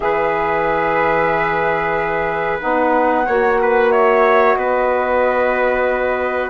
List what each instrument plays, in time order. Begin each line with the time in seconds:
0.00 bassoon E3, saxophone G#4, trumpet B4, flute E5
2.59 bassoon B3, saxophone D#4, flute F#5
3.26 bassoon A#3, saxophone F#4, trumpet C#5
3.61 trumpet B4
3.90 trumpet C#5, flute E5
4.54 bassoon B3, trumpet B4, flute D#5